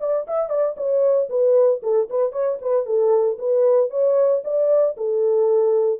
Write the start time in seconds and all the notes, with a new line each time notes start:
0.00 D5
0.27 E5
0.49 D5
0.77 C#5
1.29 B4
1.82 A4
2.10 B4
2.32 C#5
2.61 B4
2.86 A4
3.38 B4
3.90 C#5
4.44 D5
4.97 A4